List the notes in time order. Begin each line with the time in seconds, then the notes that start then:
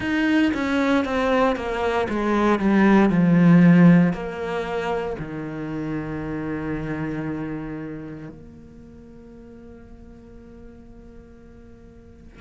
0.00 D#4
0.54 C#4
1.04 C4
1.56 A#3
2.09 G#3
2.59 G3
3.09 F3
4.13 A#3
5.19 D#3
8.29 A#3